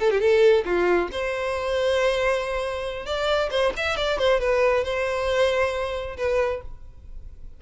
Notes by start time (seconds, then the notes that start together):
0.00 A4
0.11 G4
0.20 A4
0.65 F4
1.12 C5
3.06 D5
3.51 C5
3.77 E5
3.97 D5
4.19 C5
4.41 B4
4.84 C5
6.17 B4